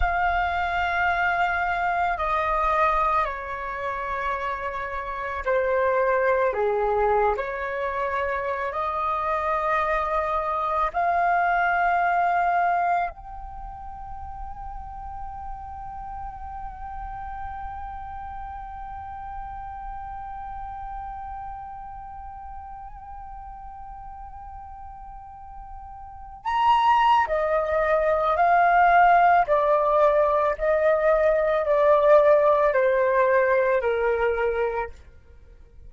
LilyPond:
\new Staff \with { instrumentName = "flute" } { \time 4/4 \tempo 4 = 55 f''2 dis''4 cis''4~ | cis''4 c''4 gis'8. cis''4~ cis''16 | dis''2 f''2 | g''1~ |
g''1~ | g''1~ | g''16 ais''8. dis''4 f''4 d''4 | dis''4 d''4 c''4 ais'4 | }